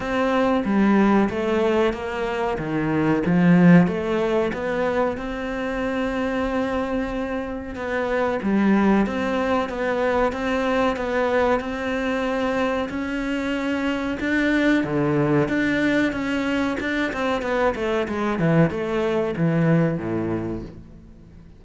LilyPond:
\new Staff \with { instrumentName = "cello" } { \time 4/4 \tempo 4 = 93 c'4 g4 a4 ais4 | dis4 f4 a4 b4 | c'1 | b4 g4 c'4 b4 |
c'4 b4 c'2 | cis'2 d'4 d4 | d'4 cis'4 d'8 c'8 b8 a8 | gis8 e8 a4 e4 a,4 | }